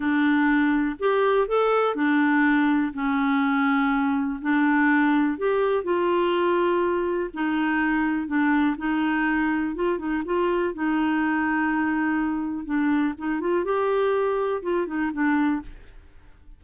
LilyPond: \new Staff \with { instrumentName = "clarinet" } { \time 4/4 \tempo 4 = 123 d'2 g'4 a'4 | d'2 cis'2~ | cis'4 d'2 g'4 | f'2. dis'4~ |
dis'4 d'4 dis'2 | f'8 dis'8 f'4 dis'2~ | dis'2 d'4 dis'8 f'8 | g'2 f'8 dis'8 d'4 | }